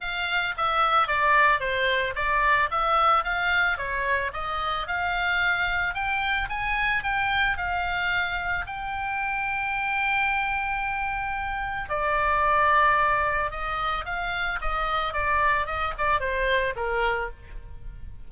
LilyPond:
\new Staff \with { instrumentName = "oboe" } { \time 4/4 \tempo 4 = 111 f''4 e''4 d''4 c''4 | d''4 e''4 f''4 cis''4 | dis''4 f''2 g''4 | gis''4 g''4 f''2 |
g''1~ | g''2 d''2~ | d''4 dis''4 f''4 dis''4 | d''4 dis''8 d''8 c''4 ais'4 | }